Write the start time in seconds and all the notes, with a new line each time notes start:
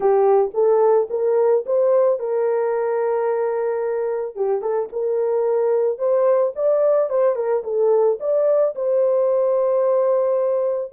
0.00 G4
0.53 A4
1.10 A#4
1.66 C5
2.19 A#4
4.35 G4
4.61 A4
4.92 A#4
5.98 C5
6.55 D5
7.09 C5
7.35 A#4
7.63 A4
8.19 D5
8.75 C5